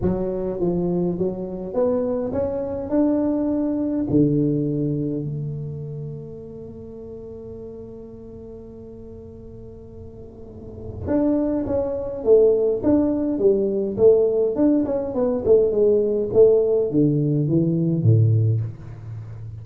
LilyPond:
\new Staff \with { instrumentName = "tuba" } { \time 4/4 \tempo 4 = 103 fis4 f4 fis4 b4 | cis'4 d'2 d4~ | d4 a2.~ | a1~ |
a2. d'4 | cis'4 a4 d'4 g4 | a4 d'8 cis'8 b8 a8 gis4 | a4 d4 e4 a,4 | }